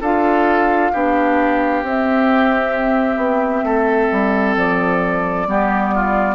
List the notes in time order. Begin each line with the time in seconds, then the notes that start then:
0.00 D4 F4 A4 F5
0.92 B3 D4 G4
1.82 C4 E5
3.16 B3
3.63 A3 A4
4.12 G3
4.56 F3 D5
5.47 G3 B3 G4
5.94 F4